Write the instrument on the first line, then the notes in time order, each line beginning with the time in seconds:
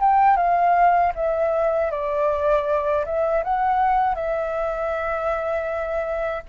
flute
0.00 G5
0.37 F5
1.15 E5
1.91 D5
3.06 E5
3.44 F#5
4.15 E5